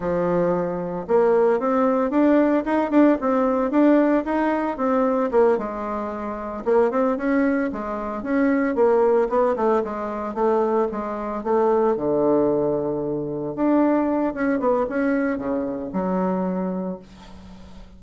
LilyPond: \new Staff \with { instrumentName = "bassoon" } { \time 4/4 \tempo 4 = 113 f2 ais4 c'4 | d'4 dis'8 d'8 c'4 d'4 | dis'4 c'4 ais8 gis4.~ | gis8 ais8 c'8 cis'4 gis4 cis'8~ |
cis'8 ais4 b8 a8 gis4 a8~ | a8 gis4 a4 d4.~ | d4. d'4. cis'8 b8 | cis'4 cis4 fis2 | }